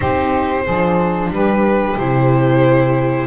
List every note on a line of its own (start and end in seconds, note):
0.00 0.67 C4
0.00 0.64 D#4
0.00 0.64 G4
0.00 1.31 C5
0.64 1.30 F3
0.64 2.00 D4
0.64 1.30 G#4
1.30 1.95 G3
1.30 3.27 G4
1.30 1.97 B4
1.96 3.27 C3
1.96 3.27 E4
1.96 3.27 C5